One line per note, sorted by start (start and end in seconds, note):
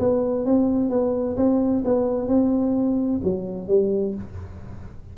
0.00 0.46 B3
0.46 0.90 C4
0.90 1.37 B3
1.37 1.84 C4
1.85 2.28 B3
2.28 3.21 C4
3.24 3.68 F#3
3.68 4.15 G3